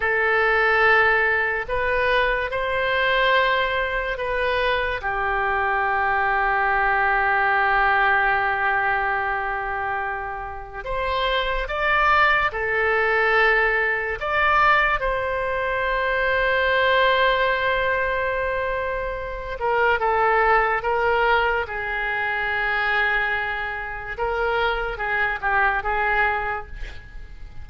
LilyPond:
\new Staff \with { instrumentName = "oboe" } { \time 4/4 \tempo 4 = 72 a'2 b'4 c''4~ | c''4 b'4 g'2~ | g'1~ | g'4 c''4 d''4 a'4~ |
a'4 d''4 c''2~ | c''2.~ c''8 ais'8 | a'4 ais'4 gis'2~ | gis'4 ais'4 gis'8 g'8 gis'4 | }